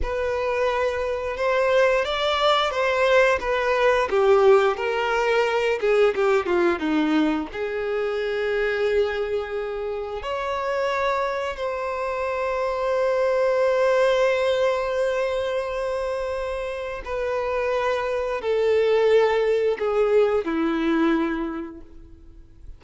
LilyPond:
\new Staff \with { instrumentName = "violin" } { \time 4/4 \tempo 4 = 88 b'2 c''4 d''4 | c''4 b'4 g'4 ais'4~ | ais'8 gis'8 g'8 f'8 dis'4 gis'4~ | gis'2. cis''4~ |
cis''4 c''2.~ | c''1~ | c''4 b'2 a'4~ | a'4 gis'4 e'2 | }